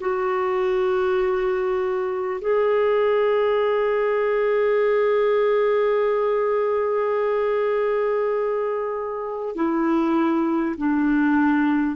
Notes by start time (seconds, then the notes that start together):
0.00 F#4
2.41 G#4
9.55 E4
10.77 D4